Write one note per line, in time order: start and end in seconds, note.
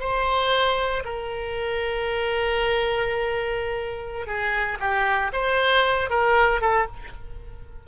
0.00 1.03 C5
1.05 4.26 A#4
4.26 4.78 G#4
4.80 5.32 G4
5.33 6.10 C5
6.10 6.61 A#4
6.61 6.87 A4